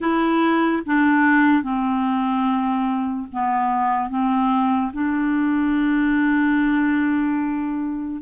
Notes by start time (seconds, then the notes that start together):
0.00 E4
0.86 D4
1.63 C4
3.32 B3
4.09 C4
4.93 D4